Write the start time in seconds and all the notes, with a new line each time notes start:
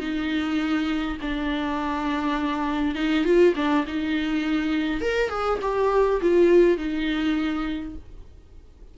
0.00 D#4
1.21 D4
2.95 D#4
3.25 F4
3.56 D4
3.87 D#4
5.01 A#4
5.29 G#4
5.62 G4
6.21 F4
6.77 D#4